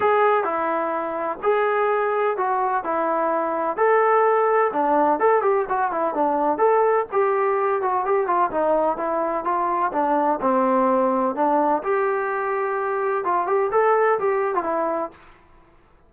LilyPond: \new Staff \with { instrumentName = "trombone" } { \time 4/4 \tempo 4 = 127 gis'4 e'2 gis'4~ | gis'4 fis'4 e'2 | a'2 d'4 a'8 g'8 | fis'8 e'8 d'4 a'4 g'4~ |
g'8 fis'8 g'8 f'8 dis'4 e'4 | f'4 d'4 c'2 | d'4 g'2. | f'8 g'8 a'4 g'8. f'16 e'4 | }